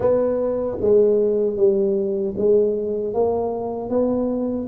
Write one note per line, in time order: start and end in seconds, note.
0.00 0.77 B3
0.80 1.56 G#3
1.56 2.34 G3
2.37 3.13 G#3
3.13 3.89 A#3
3.89 4.67 B3